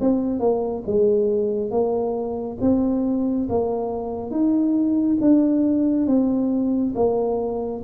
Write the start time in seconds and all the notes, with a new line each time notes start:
0.00 C4
0.40 A#3
0.86 G#3
1.70 A#3
2.60 C4
3.49 A#3
4.30 D#4
5.21 D4
6.07 C4
6.95 A#3